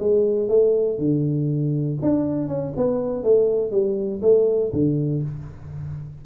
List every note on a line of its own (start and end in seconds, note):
0.00 0.49 G#3
0.49 0.99 A3
0.99 1.99 D3
2.02 2.48 D4
2.48 2.73 C#4
2.77 3.24 B3
3.24 3.72 A3
3.72 4.22 G3
4.22 4.72 A3
4.73 5.23 D3